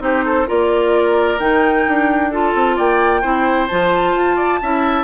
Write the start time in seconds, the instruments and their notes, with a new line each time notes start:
0.00 bassoon C4, clarinet D#4, oboe G4, flute C5
0.25 oboe A4
0.47 bassoon A#3, clarinet F4, oboe A#4, flute D5
1.40 bassoon D#3, clarinet D#4, flute G5
1.88 bassoon D4
2.31 clarinet F4, oboe A4, flute A5
2.55 bassoon C4
2.77 bassoon A#3, oboe D5, flute G5
3.22 bassoon C4, clarinet E4, oboe C5
3.68 bassoon F3, clarinet F4, flute A5
4.15 bassoon F4
4.36 oboe D5
4.63 bassoon C#4, clarinet E4, oboe E5